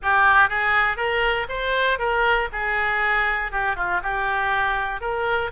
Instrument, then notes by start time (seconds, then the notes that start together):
oboe
0.02 G4
0.49 G#4
0.96 A#4
1.48 C5
1.98 A#4
2.52 G#4
3.51 G4
3.75 F4
4.02 G4
5.00 A#4